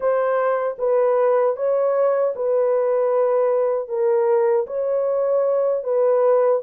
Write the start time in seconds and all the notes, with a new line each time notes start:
0.00 C5
0.78 B4
1.56 C#5
2.36 B4
3.88 A#4
4.66 C#5
5.83 B4